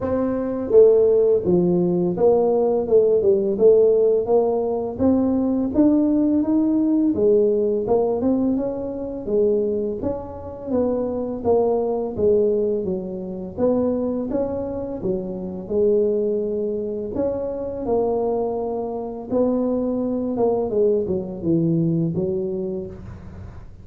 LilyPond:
\new Staff \with { instrumentName = "tuba" } { \time 4/4 \tempo 4 = 84 c'4 a4 f4 ais4 | a8 g8 a4 ais4 c'4 | d'4 dis'4 gis4 ais8 c'8 | cis'4 gis4 cis'4 b4 |
ais4 gis4 fis4 b4 | cis'4 fis4 gis2 | cis'4 ais2 b4~ | b8 ais8 gis8 fis8 e4 fis4 | }